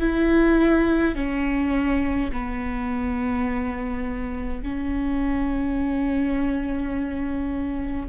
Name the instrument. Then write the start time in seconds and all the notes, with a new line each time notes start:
viola
0.00 E4
1.15 C#4
2.32 B3
4.63 C#4